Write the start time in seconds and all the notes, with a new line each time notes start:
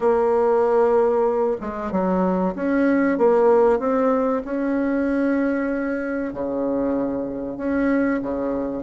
0.00 A#3
1.60 G#3
1.91 F#3
2.55 C#4
3.18 A#3
3.79 C4
4.44 C#4
6.33 C#3
7.57 C#4
8.22 C#3